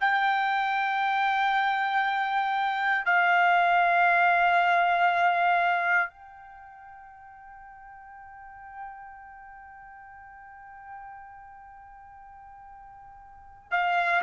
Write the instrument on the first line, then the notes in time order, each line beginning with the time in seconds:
trumpet
0.00 G5
3.05 F5
6.10 G5
13.71 F5